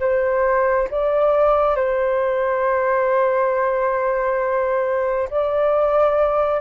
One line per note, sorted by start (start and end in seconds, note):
0.00 0.88 C5
0.91 1.76 D5
1.76 5.29 C5
5.31 6.61 D5